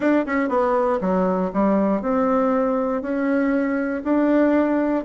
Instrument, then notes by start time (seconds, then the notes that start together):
bassoon
0.00 D4
0.26 C#4
0.48 B3
1.00 F#3
1.53 G3
2.01 C4
3.01 C#4
4.04 D4